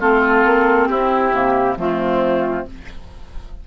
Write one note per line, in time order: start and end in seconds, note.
0.00 0.44 A3
0.00 1.33 C4
0.00 0.88 F4
0.00 0.87 A4
0.44 0.89 A#3
0.87 1.32 C4
0.87 1.78 E4
0.87 1.75 G4
1.32 1.76 C3
1.32 1.77 A#3
1.77 2.65 F3
1.77 2.66 A3
1.77 2.67 C4
1.77 2.67 F4